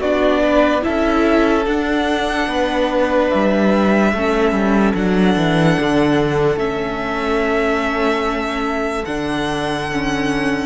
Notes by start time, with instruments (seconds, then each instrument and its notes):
0.00 cello B3, viola D4, violin F#4 D5
0.42 violin B4
0.81 viola E4, violin A4 E5
0.87 cello C#4
1.65 cello D4, viola D4, violin F#5
2.47 cello B3, violin B4
3.29 cello G3, violin E5
4.12 cello A3, viola C#4, violin A4
4.52 cello G3
4.94 cello F#3, viola D4, violin F#5
5.36 cello E3
5.79 cello D3
6.56 cello A3, viola C#4, violin E5
9.05 cello D3, viola D4, violin F#5
9.91 viola C#4